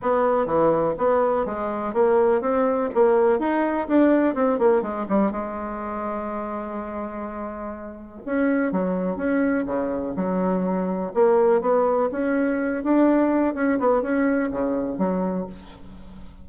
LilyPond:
\new Staff \with { instrumentName = "bassoon" } { \time 4/4 \tempo 4 = 124 b4 e4 b4 gis4 | ais4 c'4 ais4 dis'4 | d'4 c'8 ais8 gis8 g8 gis4~ | gis1~ |
gis4 cis'4 fis4 cis'4 | cis4 fis2 ais4 | b4 cis'4. d'4. | cis'8 b8 cis'4 cis4 fis4 | }